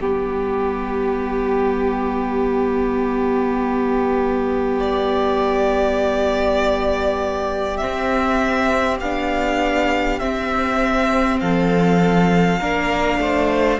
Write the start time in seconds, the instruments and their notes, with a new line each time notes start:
0.00 cello G3, viola B3, violin G4
4.80 violin D5
7.78 viola C4, cello C4, violin E5
9.00 cello B3, viola D4, violin F5
10.20 viola C4, cello C4, violin E5
11.40 cello F3, violin A4 F5
12.60 cello A#3, viola D4, violin A#4
13.19 cello A3, violin C5